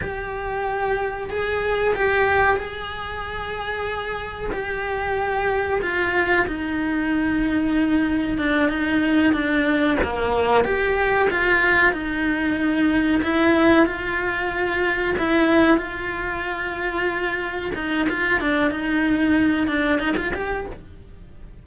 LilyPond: \new Staff \with { instrumentName = "cello" } { \time 4/4 \tempo 4 = 93 g'2 gis'4 g'4 | gis'2. g'4~ | g'4 f'4 dis'2~ | dis'4 d'8 dis'4 d'4 ais8~ |
ais8 g'4 f'4 dis'4.~ | dis'8 e'4 f'2 e'8~ | e'8 f'2. dis'8 | f'8 d'8 dis'4. d'8 dis'16 f'16 g'8 | }